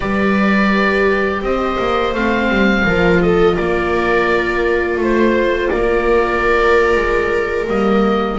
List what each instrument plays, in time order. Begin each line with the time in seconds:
0.00 double bass G3, viola G4 B4, oboe D5
1.41 double bass C4, viola C5, oboe D#5
1.79 double bass A#3
2.14 double bass A3, viola C4, oboe F5
2.48 double bass G3
2.85 double bass F3, viola F4 A#4
3.22 viola A4, oboe D#5
3.55 double bass A#3, viola A#4, oboe D5
4.97 double bass A3, viola C5
5.04 oboe C5
5.69 double bass A#3, viola A#4, oboe D5
6.96 double bass G#3
7.67 double bass G3, viola A#3, oboe D#5